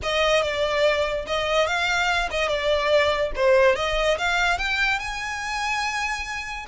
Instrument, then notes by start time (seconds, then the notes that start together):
violin
0.02 D#5
0.42 D5
1.26 D#5
1.66 F5
2.30 D#5
2.48 D5
3.35 C5
3.75 D#5
4.17 F5
4.58 G5
4.99 G#5